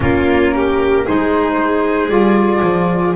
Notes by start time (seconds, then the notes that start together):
0.00 A#3 C#4 F4 A#4
0.54 G4
1.05 G#3 D#4 G#4 C5
2.08 G3 F4 D5
2.62 F3